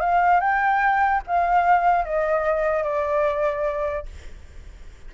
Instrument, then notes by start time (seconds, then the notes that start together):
flute
0.00 F5
0.40 G5
1.27 F5
2.05 D#5
2.83 D5